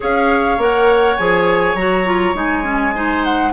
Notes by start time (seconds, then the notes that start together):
0.00 C#4 G#4 C#5 F5
0.57 A#3 A#4 F#5
1.17 F3 G#4 G#5
1.74 F#3 F#4 A#5
2.05 F4
2.34 G#3 D#4 G#5
2.63 C#4
2.94 D#4 C5
3.23 F#5